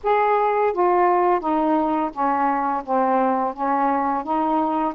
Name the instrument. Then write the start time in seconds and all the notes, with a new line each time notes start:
saxophone
0.03 G#4
0.73 F4
1.40 D#4
2.12 C#4
2.84 C4
3.54 C#4
4.23 D#4